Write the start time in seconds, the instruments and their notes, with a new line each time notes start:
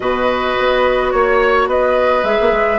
0.00 bassoon B2, clarinet F#4, oboe B4, flute D#5
0.58 bassoon B3
1.11 bassoon A#3, flute C#5, oboe C#5
1.67 bassoon B3, oboe B4, flute D#5
2.23 bassoon G#3, clarinet G#4, flute E5
2.40 bassoon A#3
2.51 bassoon G#3